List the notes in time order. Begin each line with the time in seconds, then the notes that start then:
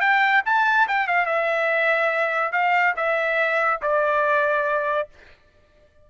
0.00 G5
0.45 A5
0.88 G5
1.07 F5
1.26 E5
2.52 F5
2.96 E5
3.82 D5